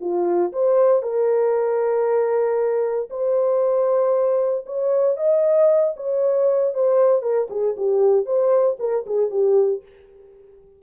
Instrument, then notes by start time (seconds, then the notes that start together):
horn
0.00 F4
0.52 C5
1.02 A#4
3.10 C5
4.66 C#5
5.17 D#5
5.96 C#5
6.74 C5
7.22 A#4
7.50 G#4
7.77 G4
8.25 C5
8.79 A#4
9.06 G#4
9.30 G4